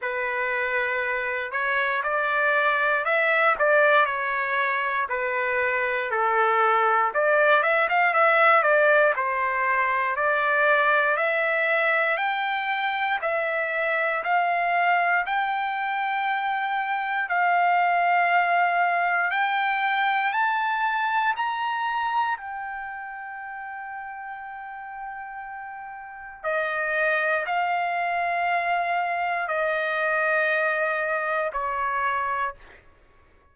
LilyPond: \new Staff \with { instrumentName = "trumpet" } { \time 4/4 \tempo 4 = 59 b'4. cis''8 d''4 e''8 d''8 | cis''4 b'4 a'4 d''8 e''16 f''16 | e''8 d''8 c''4 d''4 e''4 | g''4 e''4 f''4 g''4~ |
g''4 f''2 g''4 | a''4 ais''4 g''2~ | g''2 dis''4 f''4~ | f''4 dis''2 cis''4 | }